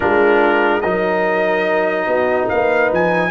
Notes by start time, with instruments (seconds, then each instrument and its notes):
0.00 tuba G#3, trombone D4, horn F4, trumpet A#4
0.81 tuba F#3, trombone D#4, horn A#4, trumpet D#5
2.06 tuba B3, horn F#4
2.48 tuba A#3, horn B4, trumpet F5
2.91 tuba F3, trumpet G#5